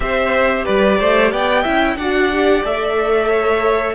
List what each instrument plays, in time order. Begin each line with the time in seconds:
0.00 cello C4, viola G4, violin C5 E5
0.65 cello G3, violin B4 D5
0.98 cello A3, violin C5
1.31 cello B3, violin D5 G5
1.62 cello C#4, viola E4, violin E5
1.96 cello D4, viola F#4, violin D5 F#5
2.32 viola G4
2.64 cello A3, viola A4, violin E5
3.28 violin C#5